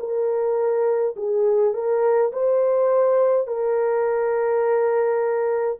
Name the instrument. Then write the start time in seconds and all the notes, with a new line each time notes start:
horn
0.00 A#4
1.16 G#4
1.74 A#4
2.33 C5
3.48 A#4